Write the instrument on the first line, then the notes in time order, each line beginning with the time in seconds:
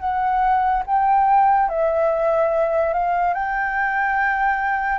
flute
0.00 F#5
0.87 G5
1.69 E5
2.94 F5
3.34 G5